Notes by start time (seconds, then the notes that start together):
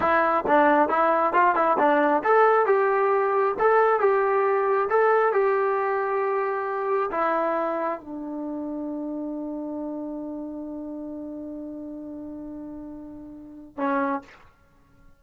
0.00 E4
0.47 D4
0.88 E4
1.33 F4
1.55 E4
1.78 D4
2.23 A4
2.65 G4
3.59 A4
4.00 G4
4.89 A4
5.32 G4
7.11 E4
8.00 D4
13.77 C#4